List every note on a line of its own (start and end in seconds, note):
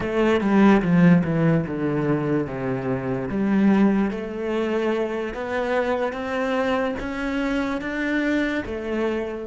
0.00 0.40 A3
0.40 0.81 G3
0.82 1.23 F3
1.24 1.65 E3
1.67 2.47 D3
2.47 3.28 C3
3.28 4.11 G3
4.11 5.34 A3
5.34 6.12 B3
6.12 6.95 C4
6.99 7.81 C#4
7.81 8.63 D4
8.65 9.46 A3